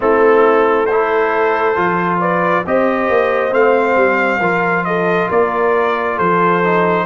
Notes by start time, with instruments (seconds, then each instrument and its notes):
0.00 tuba A3, trombone C4, horn E4, trumpet A4
0.85 horn A4, trumpet C5
0.92 trombone E4
1.75 tuba F3, trombone F4
2.20 horn B4, trumpet D5
2.66 tuba C4, trombone G4, horn C5, trumpet D#5
3.08 tuba A#3
3.51 tuba A3, trombone C4, trumpet F5
3.96 tuba G3
4.39 tuba F3, trombone F4, horn A#4
4.84 horn A4, trumpet D#5
5.28 tuba A#3, horn A#4, trumpet D5
6.15 tuba F3, horn A4, trumpet C5
6.64 trombone D#4